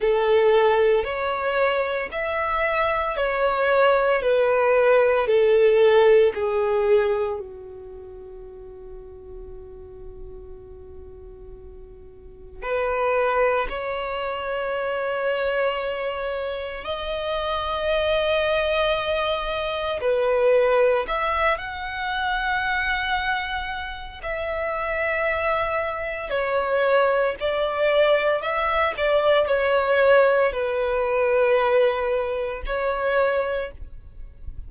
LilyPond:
\new Staff \with { instrumentName = "violin" } { \time 4/4 \tempo 4 = 57 a'4 cis''4 e''4 cis''4 | b'4 a'4 gis'4 fis'4~ | fis'1 | b'4 cis''2. |
dis''2. b'4 | e''8 fis''2~ fis''8 e''4~ | e''4 cis''4 d''4 e''8 d''8 | cis''4 b'2 cis''4 | }